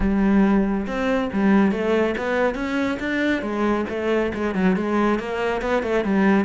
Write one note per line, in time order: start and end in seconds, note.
0.00 0.86 G3
0.87 1.30 C4
1.32 1.71 G3
1.71 2.14 A3
2.17 2.55 B3
2.55 2.98 C#4
2.99 3.41 D4
3.41 3.85 G#3
3.89 4.32 A3
4.33 4.54 G#3
4.54 4.76 F#3
4.76 5.19 G#3
5.19 5.61 A#3
5.61 5.82 B3
5.82 6.04 A3
6.04 6.44 G3